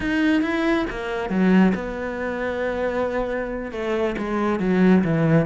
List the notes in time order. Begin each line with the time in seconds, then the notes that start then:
0.00 D#4
0.42 E4
0.89 A#3
1.29 F#3
1.74 B3
3.71 A3
4.18 G#3
4.59 F#3
5.03 E3